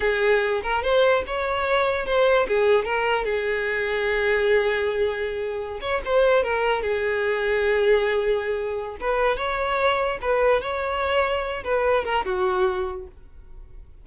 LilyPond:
\new Staff \with { instrumentName = "violin" } { \time 4/4 \tempo 4 = 147 gis'4. ais'8 c''4 cis''4~ | cis''4 c''4 gis'4 ais'4 | gis'1~ | gis'2~ gis'16 cis''8 c''4 ais'16~ |
ais'8. gis'2.~ gis'16~ | gis'2 b'4 cis''4~ | cis''4 b'4 cis''2~ | cis''8 b'4 ais'8 fis'2 | }